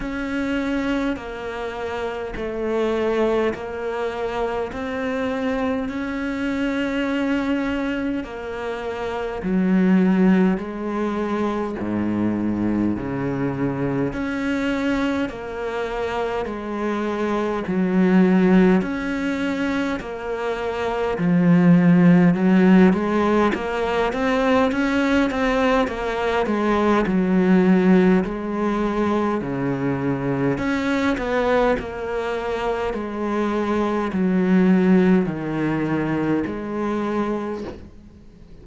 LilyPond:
\new Staff \with { instrumentName = "cello" } { \time 4/4 \tempo 4 = 51 cis'4 ais4 a4 ais4 | c'4 cis'2 ais4 | fis4 gis4 gis,4 cis4 | cis'4 ais4 gis4 fis4 |
cis'4 ais4 f4 fis8 gis8 | ais8 c'8 cis'8 c'8 ais8 gis8 fis4 | gis4 cis4 cis'8 b8 ais4 | gis4 fis4 dis4 gis4 | }